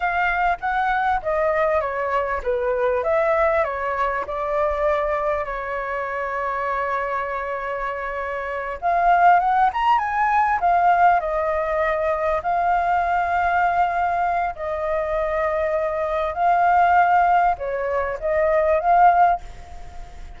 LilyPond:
\new Staff \with { instrumentName = "flute" } { \time 4/4 \tempo 4 = 99 f''4 fis''4 dis''4 cis''4 | b'4 e''4 cis''4 d''4~ | d''4 cis''2.~ | cis''2~ cis''8 f''4 fis''8 |
ais''8 gis''4 f''4 dis''4.~ | dis''8 f''2.~ f''8 | dis''2. f''4~ | f''4 cis''4 dis''4 f''4 | }